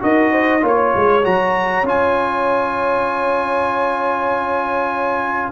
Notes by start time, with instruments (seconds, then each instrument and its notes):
0.00 tuba D#4, trombone F#4, horn A#4, trumpet D#5
0.31 horn C5
0.61 tuba A#3, trombone F4, horn C#5, trumpet C#5
0.96 tuba G#3
1.23 tuba F#3, trombone F#4, trumpet A#5
1.83 tuba C#4, trombone F4, trumpet G#5